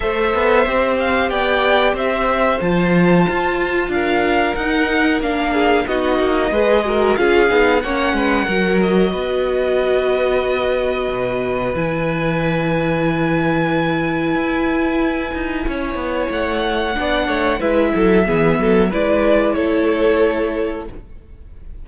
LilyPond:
<<
  \new Staff \with { instrumentName = "violin" } { \time 4/4 \tempo 4 = 92 e''4. f''8 g''4 e''4 | a''2 f''4 fis''4 | f''4 dis''2 f''4 | fis''4. dis''2~ dis''8~ |
dis''2 gis''2~ | gis''1~ | gis''4 fis''2 e''4~ | e''4 d''4 cis''2 | }
  \new Staff \with { instrumentName = "violin" } { \time 4/4 c''2 d''4 c''4~ | c''2 ais'2~ | ais'8 gis'8 fis'4 b'8 ais'8 gis'4 | cis''8 b'8 ais'4 b'2~ |
b'1~ | b'1 | cis''2 d''8 cis''8 b'8 a'8 | gis'8 a'8 b'4 a'2 | }
  \new Staff \with { instrumentName = "viola" } { \time 4/4 a'4 g'2. | f'2. dis'4 | d'4 dis'4 gis'8 fis'8 f'8 dis'8 | cis'4 fis'2.~ |
fis'2 e'2~ | e'1~ | e'2 d'4 e'4 | b4 e'2. | }
  \new Staff \with { instrumentName = "cello" } { \time 4/4 a8 b8 c'4 b4 c'4 | f4 f'4 d'4 dis'4 | ais4 b8 ais8 gis4 cis'8 b8 | ais8 gis8 fis4 b2~ |
b4 b,4 e2~ | e2 e'4. dis'8 | cis'8 b8 a4 b8 a8 gis8 fis8 | e8 fis8 gis4 a2 | }
>>